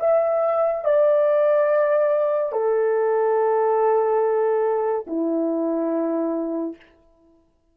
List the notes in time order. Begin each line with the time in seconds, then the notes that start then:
0.00 E5
0.85 D5
2.52 A4
5.07 E4